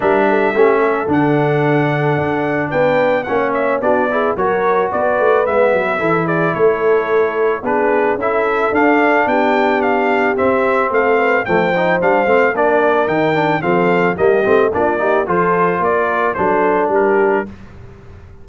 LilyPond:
<<
  \new Staff \with { instrumentName = "trumpet" } { \time 4/4 \tempo 4 = 110 e''2 fis''2~ | fis''4 g''4 fis''8 e''8 d''4 | cis''4 d''4 e''4. d''8 | cis''2 b'4 e''4 |
f''4 g''4 f''4 e''4 | f''4 g''4 f''4 d''4 | g''4 f''4 dis''4 d''4 | c''4 d''4 c''4 ais'4 | }
  \new Staff \with { instrumentName = "horn" } { \time 4/4 ais'8 a'8 g'8 a'2~ a'8~ | a'4 b'4 cis''4 fis'8 gis'8 | ais'4 b'2 a'8 gis'8 | a'2 gis'4 a'4~ |
a'4 g'2. | a'8 b'8 c''2 ais'4~ | ais'4 a'4 g'4 f'8 g'8 | a'4 ais'4 a'4 g'4 | }
  \new Staff \with { instrumentName = "trombone" } { \time 4/4 d'4 cis'4 d'2~ | d'2 cis'4 d'8 e'8 | fis'2 b4 e'4~ | e'2 d'4 e'4 |
d'2. c'4~ | c'4 a8 dis'8 d'8 c'8 d'4 | dis'8 d'8 c'4 ais8 c'8 d'8 dis'8 | f'2 d'2 | }
  \new Staff \with { instrumentName = "tuba" } { \time 4/4 g4 a4 d2 | d'4 b4 ais4 b4 | fis4 b8 a8 gis8 fis8 e4 | a2 b4 cis'4 |
d'4 b2 c'4 | a4 f4 g8 a8 ais4 | dis4 f4 g8 a8 ais4 | f4 ais4 fis4 g4 | }
>>